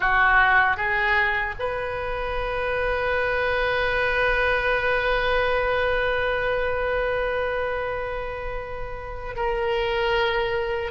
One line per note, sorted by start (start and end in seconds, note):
0.00 0.77 F#4
0.77 1.54 G#4
1.59 9.36 B4
9.36 10.91 A#4